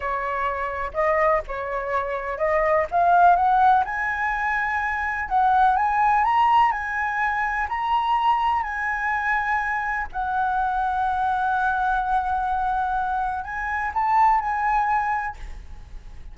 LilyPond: \new Staff \with { instrumentName = "flute" } { \time 4/4 \tempo 4 = 125 cis''2 dis''4 cis''4~ | cis''4 dis''4 f''4 fis''4 | gis''2. fis''4 | gis''4 ais''4 gis''2 |
ais''2 gis''2~ | gis''4 fis''2.~ | fis''1 | gis''4 a''4 gis''2 | }